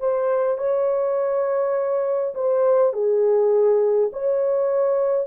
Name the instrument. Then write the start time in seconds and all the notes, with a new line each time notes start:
horn
0.00 C5
0.58 C#5
2.35 C5
2.93 G#4
4.13 C#5